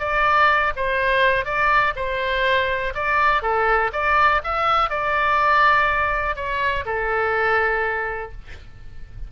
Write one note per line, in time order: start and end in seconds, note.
0.00 0.73 D5
0.77 1.45 C5
1.45 1.94 D5
1.96 2.94 C5
2.95 3.43 D5
3.43 3.91 A4
3.93 4.42 D5
4.44 4.90 E5
4.90 6.36 D5
6.36 6.85 C#5
6.86 8.32 A4